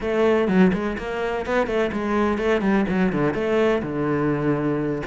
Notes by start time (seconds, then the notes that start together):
0.00 A3
0.47 F#3
0.73 G#3
0.98 A#3
1.46 B3
1.66 A3
1.92 G#3
2.38 A3
2.61 G3
2.88 F#3
3.12 D3
3.34 A3
3.82 D3